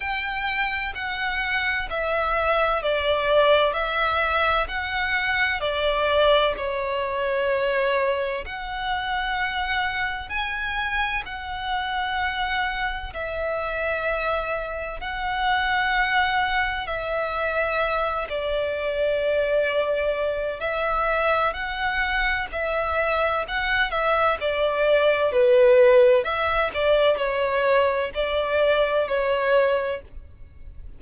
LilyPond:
\new Staff \with { instrumentName = "violin" } { \time 4/4 \tempo 4 = 64 g''4 fis''4 e''4 d''4 | e''4 fis''4 d''4 cis''4~ | cis''4 fis''2 gis''4 | fis''2 e''2 |
fis''2 e''4. d''8~ | d''2 e''4 fis''4 | e''4 fis''8 e''8 d''4 b'4 | e''8 d''8 cis''4 d''4 cis''4 | }